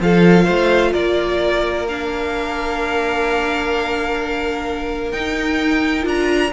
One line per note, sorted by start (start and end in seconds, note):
0.00 0.47 F3
0.00 1.88 F4
0.00 0.44 A4
0.00 0.93 F5
0.44 0.94 A3
0.44 0.91 C5
0.92 5.12 A#3
0.92 6.51 A#4
0.92 1.86 D5
1.88 5.13 D4
1.88 5.11 F5
5.11 6.05 D#4
5.11 6.02 D#4
5.11 6.04 G5
6.02 6.52 D4
6.02 6.49 F4
6.02 6.52 A#5